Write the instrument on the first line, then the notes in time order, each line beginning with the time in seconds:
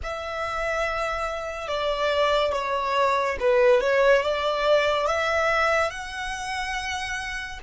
violin
0.03 E5
1.67 D5
2.52 C#5
3.40 B4
3.80 C#5
4.22 D5
5.06 E5
5.90 F#5